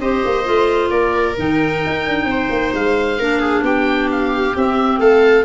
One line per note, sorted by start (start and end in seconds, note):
0.00 0.23 C4
0.00 0.44 G4
0.00 0.91 C5
0.00 0.90 D#5
0.25 0.48 A#3
0.44 0.91 A3
0.44 1.35 F4
0.90 1.36 A#3
0.90 2.28 A#4
0.90 1.35 D5
1.38 1.84 D#3
1.38 3.19 D#4
1.38 2.75 G5
1.86 2.07 D#4
2.07 2.25 D4
2.25 2.48 C4
2.25 3.20 C5
2.50 2.73 A#3
2.74 3.19 G#3
2.74 3.65 F5
3.19 3.62 A#3
3.19 4.55 D4
3.19 3.40 A#4
3.40 3.63 G#4
3.62 4.53 B3
3.62 5.01 G4
3.62 4.11 G5
4.12 4.57 F5
4.55 5.45 C4
4.55 4.99 C4
4.55 5.00 E5
4.99 5.44 A3
4.99 5.45 A4
4.99 5.45 F5